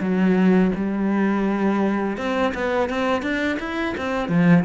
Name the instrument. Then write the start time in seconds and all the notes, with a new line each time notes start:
cello
0.00 F#3
0.75 G3
2.17 C4
2.54 B3
2.89 C4
3.22 D4
3.59 E4
3.97 C4
4.28 F3